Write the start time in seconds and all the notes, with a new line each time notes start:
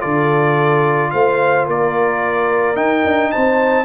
0.00 D3 F4 A4 D5
1.10 A3 C5 F5
1.67 A#3 A#4 D5
2.75 D#4 G5
3.05 D4
3.32 C4 C5 A5